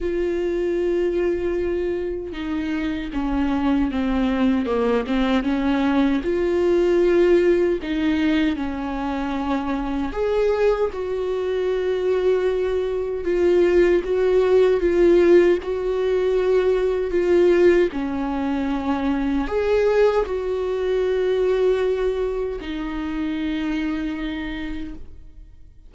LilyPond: \new Staff \with { instrumentName = "viola" } { \time 4/4 \tempo 4 = 77 f'2. dis'4 | cis'4 c'4 ais8 c'8 cis'4 | f'2 dis'4 cis'4~ | cis'4 gis'4 fis'2~ |
fis'4 f'4 fis'4 f'4 | fis'2 f'4 cis'4~ | cis'4 gis'4 fis'2~ | fis'4 dis'2. | }